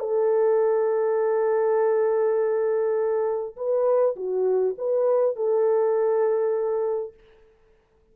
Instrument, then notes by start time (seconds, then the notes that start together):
horn
0.00 A4
3.57 B4
4.16 F#4
4.78 B4
5.36 A4